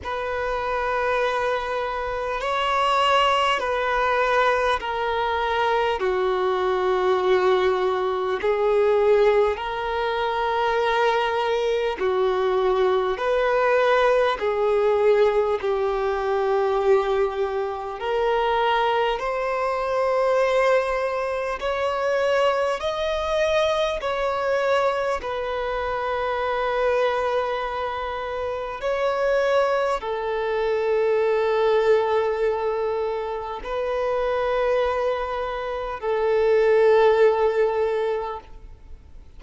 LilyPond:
\new Staff \with { instrumentName = "violin" } { \time 4/4 \tempo 4 = 50 b'2 cis''4 b'4 | ais'4 fis'2 gis'4 | ais'2 fis'4 b'4 | gis'4 g'2 ais'4 |
c''2 cis''4 dis''4 | cis''4 b'2. | cis''4 a'2. | b'2 a'2 | }